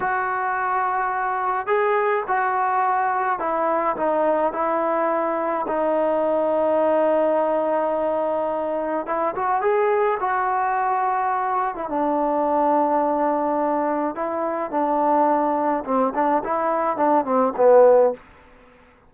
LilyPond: \new Staff \with { instrumentName = "trombone" } { \time 4/4 \tempo 4 = 106 fis'2. gis'4 | fis'2 e'4 dis'4 | e'2 dis'2~ | dis'1 |
e'8 fis'8 gis'4 fis'2~ | fis'8. e'16 d'2.~ | d'4 e'4 d'2 | c'8 d'8 e'4 d'8 c'8 b4 | }